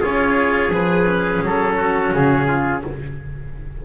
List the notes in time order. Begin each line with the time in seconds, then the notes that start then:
0.00 C#4 F4 G#4 C#5
0.69 F3 G#4 B4
1.06 C#4
1.41 F#3 A4
1.76 F#4
2.14 C#3 G#4
2.47 F4